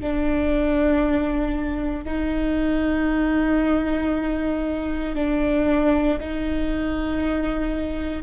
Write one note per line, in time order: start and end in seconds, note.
0.00 2.05 D4
2.05 5.15 D#4
5.15 6.18 D4
6.20 8.22 D#4